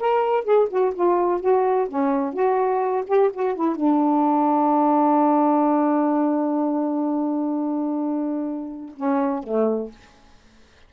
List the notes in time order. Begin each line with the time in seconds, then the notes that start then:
0.00 A#4
0.44 G#4
0.70 F#4
0.95 F4
1.41 F#4
1.89 C#4
2.33 F#4
3.07 G4
3.33 F#4
3.55 E4
3.76 D4
8.96 C#4
9.44 A3